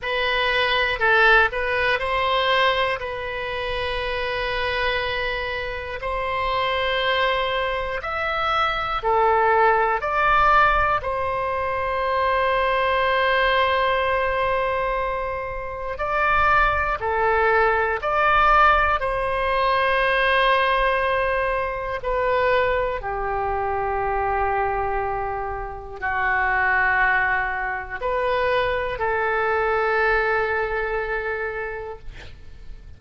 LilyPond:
\new Staff \with { instrumentName = "oboe" } { \time 4/4 \tempo 4 = 60 b'4 a'8 b'8 c''4 b'4~ | b'2 c''2 | e''4 a'4 d''4 c''4~ | c''1 |
d''4 a'4 d''4 c''4~ | c''2 b'4 g'4~ | g'2 fis'2 | b'4 a'2. | }